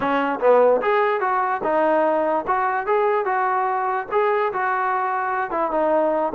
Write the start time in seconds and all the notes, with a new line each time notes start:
0.00 C#4
0.40 B3
0.81 G#4
1.20 F#4
1.63 D#4
2.47 F#4
2.86 G#4
3.25 F#4
4.11 G#4
4.52 F#4
5.50 E4
5.71 D#4